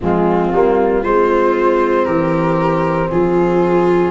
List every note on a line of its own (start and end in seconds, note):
0.00 0.52 F3
0.00 0.53 G#3
0.00 1.02 C4
0.00 1.03 F4
0.52 1.04 G3
0.52 1.03 A#3
1.02 2.06 G#3
1.02 4.11 C4
1.02 2.06 F4
1.02 2.05 C5
2.05 3.09 E3
2.05 3.09 G4
2.05 3.08 A#4
3.10 4.11 F3
3.10 4.11 F4
3.10 4.11 G#4